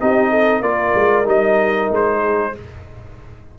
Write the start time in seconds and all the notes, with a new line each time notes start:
0.00 C4 D#4 G4 D#5
0.30 A4
0.60 A#3 F4 A#4 D5
0.94 G#3
1.25 G3 D#4 D#5
1.90 G#3 C5
2.21 G#4